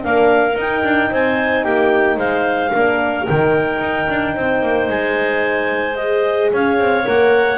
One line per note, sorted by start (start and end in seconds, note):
0.00 0.56 A#3
0.00 0.54 D4
0.00 1.11 A#4
0.00 0.58 F5
0.56 0.83 D#4
0.56 2.74 D#4
0.56 1.14 G5
0.84 1.11 D4
1.11 1.65 C4
1.11 1.65 C5
1.11 1.64 G#5
1.64 2.17 A#3
1.64 2.16 G4
1.64 2.18 G5
2.16 2.71 G#3
2.16 2.70 C5
2.16 3.27 F5
2.72 3.29 A#3
2.72 3.25 D4
2.72 4.34 A#4
3.25 3.81 D#3
3.25 5.95 D#4
3.25 4.90 G5
3.81 4.08 D#4
4.10 4.37 D4
4.35 4.62 C4
4.35 6.51 C5
4.62 4.89 A#3
4.89 6.52 G#3
4.89 5.96 G#5
5.96 7.04 G#4
5.96 6.50 D#5
6.53 6.79 C#4
6.53 7.58 C#5
6.53 7.08 F5
6.79 7.06 C4
7.04 7.58 A#3
7.04 7.58 A#4
7.04 7.58 F#5